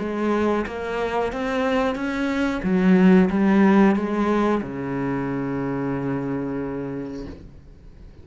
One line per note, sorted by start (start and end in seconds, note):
0.00 0.66 G#3
0.67 1.33 A#3
1.33 1.95 C4
1.95 2.61 C#4
2.63 3.29 F#3
3.31 3.96 G3
3.96 4.62 G#3
4.62 7.26 C#3